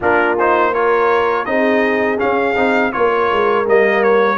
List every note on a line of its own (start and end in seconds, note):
0.00 1.46 A#3
0.00 0.37 D4
0.00 0.72 F4
0.00 0.38 A#4
0.38 0.73 D#4
0.38 0.74 C5
0.73 1.46 F4
0.73 1.47 A#4
0.73 1.45 C#5
1.45 2.19 C4
1.45 2.17 D#4
1.45 2.94 G#4
1.45 2.18 D#5
2.17 2.54 C#4
2.17 2.55 C#4
2.17 2.92 F5
2.55 2.92 C4
2.55 2.92 D#4
2.92 3.31 A#3
2.92 3.65 F4
2.92 4.37 A#4
2.92 3.65 C#5
3.31 3.66 G#3
3.66 4.37 G3
3.66 4.37 A#3
3.66 4.03 D#5
4.03 4.37 C#5